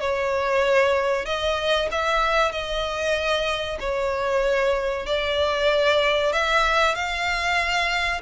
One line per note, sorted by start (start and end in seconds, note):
0.00 1.25 C#5
1.25 1.88 D#5
1.91 2.51 E5
2.51 3.78 D#5
3.80 5.06 C#5
5.06 6.32 D5
6.32 6.95 E5
6.95 8.21 F5